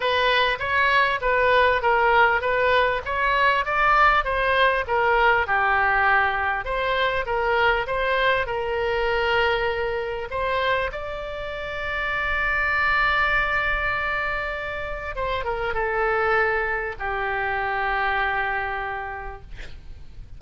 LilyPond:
\new Staff \with { instrumentName = "oboe" } { \time 4/4 \tempo 4 = 99 b'4 cis''4 b'4 ais'4 | b'4 cis''4 d''4 c''4 | ais'4 g'2 c''4 | ais'4 c''4 ais'2~ |
ais'4 c''4 d''2~ | d''1~ | d''4 c''8 ais'8 a'2 | g'1 | }